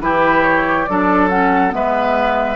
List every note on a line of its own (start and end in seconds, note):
0.00 0.86 E3
0.00 0.87 E4
0.00 0.90 G4
0.00 0.43 B4
0.43 0.85 C#5
0.85 1.73 F#3
0.85 1.30 D4
0.85 1.75 A4
0.85 1.28 D5
1.29 1.69 C#4
1.29 1.72 F#5
1.69 2.56 G#3
1.69 2.55 B3
1.69 2.56 B4
1.69 2.56 E5